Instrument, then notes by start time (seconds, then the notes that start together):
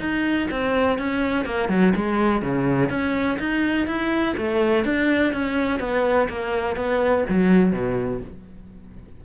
cello
0.00 D#4
0.51 C4
0.99 C#4
1.46 A#3
1.69 F#3
1.96 G#3
2.43 C#3
2.90 C#4
3.40 D#4
3.88 E4
4.38 A3
4.85 D4
5.34 C#4
5.80 B3
6.29 A#3
6.76 B3
7.30 F#3
7.73 B2